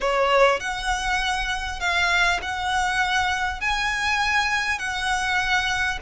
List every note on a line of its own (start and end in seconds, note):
0.00 0.59 C#5
0.59 1.79 F#5
1.80 2.40 F5
2.42 3.60 F#5
3.60 4.78 G#5
4.78 5.98 F#5